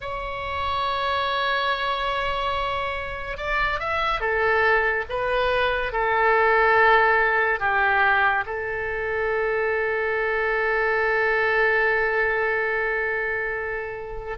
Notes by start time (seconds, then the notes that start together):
0.00 C#5
3.37 D5
3.79 E5
4.20 A4
5.09 B4
5.92 A4
7.59 G4
8.46 A4